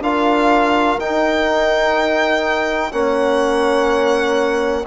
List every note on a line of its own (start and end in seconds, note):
0.00 0.97 D4
0.00 0.99 F4
0.00 2.93 A#4
0.00 0.99 F5
0.99 2.91 D#4
0.99 2.92 D#4
0.99 2.92 G5
2.91 4.86 A#3
2.91 4.85 C#4
2.91 4.86 C#5
2.91 4.85 F#5